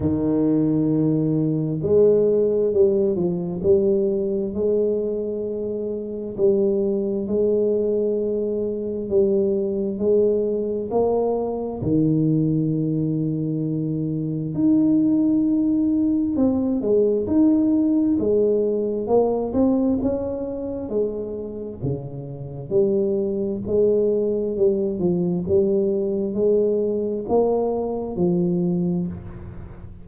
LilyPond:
\new Staff \with { instrumentName = "tuba" } { \time 4/4 \tempo 4 = 66 dis2 gis4 g8 f8 | g4 gis2 g4 | gis2 g4 gis4 | ais4 dis2. |
dis'2 c'8 gis8 dis'4 | gis4 ais8 c'8 cis'4 gis4 | cis4 g4 gis4 g8 f8 | g4 gis4 ais4 f4 | }